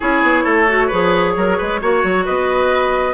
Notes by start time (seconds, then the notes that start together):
0.00 C#4 E4 G#4 C#5
0.22 B3
0.43 A3 A4
0.68 F#4
0.87 F3 G#4 B4
1.36 F#3 A#4
1.57 G#3 B4
1.81 A#3 F#4 C#5
2.03 F#3
2.25 B3 B4 D#5